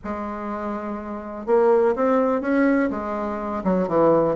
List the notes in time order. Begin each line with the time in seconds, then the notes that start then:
0.04 G#3
1.46 A#3
1.95 C4
2.41 C#4
2.90 G#3
3.64 F#3
3.88 E3